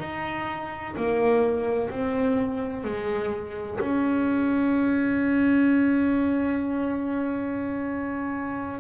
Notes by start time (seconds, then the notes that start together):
0.00 D#4
0.96 A#3
1.90 C4
2.84 G#3
3.80 C#4